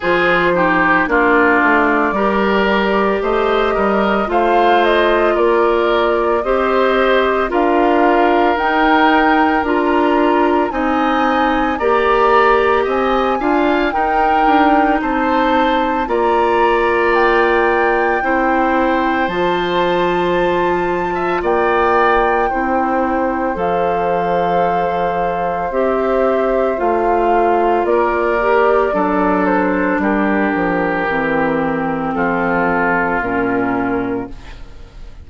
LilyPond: <<
  \new Staff \with { instrumentName = "flute" } { \time 4/4 \tempo 4 = 56 c''4 d''2 dis''4 | f''8 dis''8 d''4 dis''4 f''4 | g''4 ais''4 gis''4 ais''4 | gis''4 g''4 a''4 ais''4 |
g''2 a''2 | g''2 f''2 | e''4 f''4 d''4. c''8 | ais'2 a'4 ais'4 | }
  \new Staff \with { instrumentName = "oboe" } { \time 4/4 gis'8 g'8 f'4 ais'4 c''8 ais'8 | c''4 ais'4 c''4 ais'4~ | ais'2 dis''4 d''4 | dis''8 f''8 ais'4 c''4 d''4~ |
d''4 c''2~ c''8. e''16 | d''4 c''2.~ | c''2 ais'4 a'4 | g'2 f'2 | }
  \new Staff \with { instrumentName = "clarinet" } { \time 4/4 f'8 dis'8 d'4 g'2 | f'2 g'4 f'4 | dis'4 f'4 dis'4 g'4~ | g'8 f'8 dis'2 f'4~ |
f'4 e'4 f'2~ | f'4 e'4 a'2 | g'4 f'4. g'8 d'4~ | d'4 c'2 cis'4 | }
  \new Staff \with { instrumentName = "bassoon" } { \time 4/4 f4 ais8 a8 g4 a8 g8 | a4 ais4 c'4 d'4 | dis'4 d'4 c'4 ais4 | c'8 d'8 dis'8 d'8 c'4 ais4~ |
ais4 c'4 f2 | ais4 c'4 f2 | c'4 a4 ais4 fis4 | g8 f8 e4 f4 ais,4 | }
>>